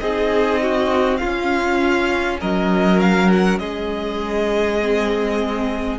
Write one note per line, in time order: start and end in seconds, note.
0.00 1.22 C4
0.00 1.22 D#4
0.00 0.61 G#4
0.00 1.18 D#5
0.62 1.20 F#4
1.18 4.82 C#4
1.18 2.42 C#4
1.18 2.40 F4
1.18 2.38 F5
2.41 3.60 F#3
2.41 3.60 A#4
2.41 3.00 D#5
3.00 3.31 F5
3.33 3.59 F#5
3.59 6.00 G#3
3.59 6.00 G#4
3.59 5.99 D#5
4.82 6.00 C4